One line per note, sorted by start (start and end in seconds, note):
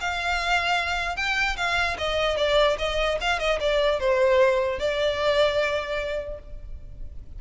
0.00 1.16 F5
1.16 1.56 G5
1.56 1.96 F5
1.97 2.37 D#5
2.37 2.77 D5
2.78 3.18 D#5
3.21 3.39 F5
3.39 3.59 D#5
3.59 3.99 D5
3.99 4.79 C5
4.79 6.39 D5